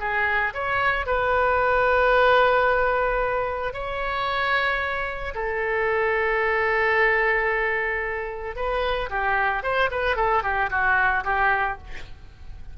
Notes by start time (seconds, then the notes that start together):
0.00 G#4
0.54 C#5
1.06 B4
3.74 C#5
5.35 A4
8.56 B4
9.10 G4
9.63 C5
9.91 B4
10.16 A4
10.43 G4
10.70 F#4
11.24 G4